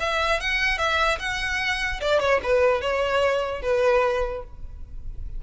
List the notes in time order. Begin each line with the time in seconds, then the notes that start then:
0.00 E5
0.40 F#5
0.78 E5
1.19 F#5
2.01 D5
2.20 C#5
2.43 B4
2.81 C#5
3.62 B4